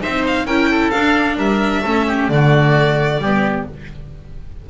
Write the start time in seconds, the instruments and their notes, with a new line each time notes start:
0.00 double bass C4, viola D#4, oboe C5, violin E5
0.26 violin F5
0.44 double bass C#4, viola E4, oboe A#4, violin G5
0.70 oboe A4
0.90 viola D4, double bass D4, violin F5
1.36 double bass G3, oboe A#4, violin E5
1.81 double bass A3, viola C#4, oboe A4
2.07 oboe G4
2.28 double bass D3, viola A3, oboe F#4, violin D5
3.18 double bass G3, viola B3, oboe G4